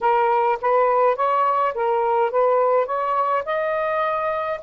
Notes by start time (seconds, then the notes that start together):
0.01 A#4
0.61 B4
1.15 C#5
1.74 A#4
2.31 B4
2.85 C#5
3.45 D#5